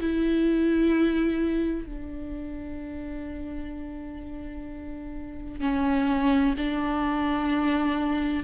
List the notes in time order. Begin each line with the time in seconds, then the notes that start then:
0.00 E4
1.86 D4
5.61 C#4
6.58 D4